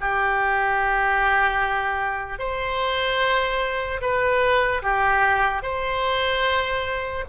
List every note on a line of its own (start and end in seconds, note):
0.00 2.38 G4
2.38 4.01 C5
4.01 4.82 B4
4.82 5.62 G4
5.62 7.25 C5